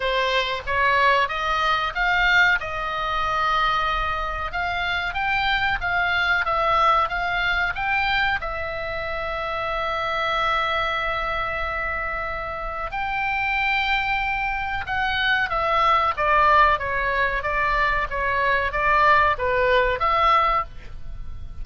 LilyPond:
\new Staff \with { instrumentName = "oboe" } { \time 4/4 \tempo 4 = 93 c''4 cis''4 dis''4 f''4 | dis''2. f''4 | g''4 f''4 e''4 f''4 | g''4 e''2.~ |
e''1 | g''2. fis''4 | e''4 d''4 cis''4 d''4 | cis''4 d''4 b'4 e''4 | }